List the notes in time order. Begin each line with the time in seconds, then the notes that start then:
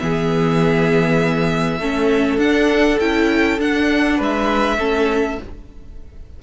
0.00 E3 B3 G#4 E5
1.79 A3 C#4 A4
2.38 D4 F#5
3.00 C#4 E4 G5
3.60 D4 F#5
4.17 G#3 B4 E5
4.79 A3 C#4 A4